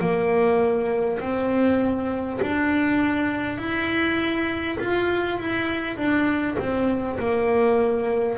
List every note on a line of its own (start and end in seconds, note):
0.00 1.20 A#3
1.20 2.40 C4
2.42 3.58 D4
3.58 4.78 E4
4.79 5.39 F4
5.39 5.97 E4
5.97 6.57 D4
6.59 7.19 C4
7.19 8.38 A#3